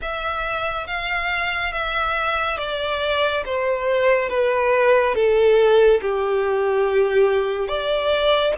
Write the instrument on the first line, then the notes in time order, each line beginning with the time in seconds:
violin
0.01 E5
0.86 F5
1.72 E5
2.57 D5
3.45 C5
4.29 B4
5.14 A4
6.01 G4
7.68 D5